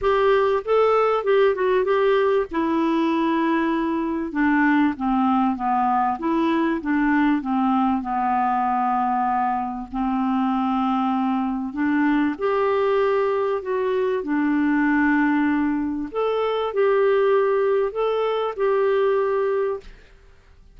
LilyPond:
\new Staff \with { instrumentName = "clarinet" } { \time 4/4 \tempo 4 = 97 g'4 a'4 g'8 fis'8 g'4 | e'2. d'4 | c'4 b4 e'4 d'4 | c'4 b2. |
c'2. d'4 | g'2 fis'4 d'4~ | d'2 a'4 g'4~ | g'4 a'4 g'2 | }